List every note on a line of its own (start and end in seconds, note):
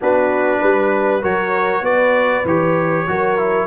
0.01 0.62 B3
0.01 1.22 D4
0.01 0.60 F#4
0.01 1.24 B4
0.60 1.23 G3
0.60 1.21 B4
1.21 1.81 F#3
1.21 2.44 F#4
1.21 1.82 A#4
1.21 1.84 C#5
1.81 2.42 B3
1.81 3.07 B4
1.81 2.46 D5
2.44 3.05 E3
2.44 3.07 G4
2.44 3.66 C#5
3.07 3.66 F#3
3.07 3.37 F#4
3.07 3.66 A#4
3.37 3.66 E4